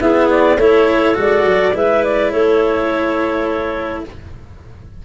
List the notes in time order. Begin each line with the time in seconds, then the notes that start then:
0.00 B3 E4 G#4 E5
0.30 D5
0.56 A3 E4 A4 C#5
1.14 G#3 F#4 D5
1.45 F#3
1.73 G#3 E4 B4 E5
2.04 D5
2.31 A3 A4 C#5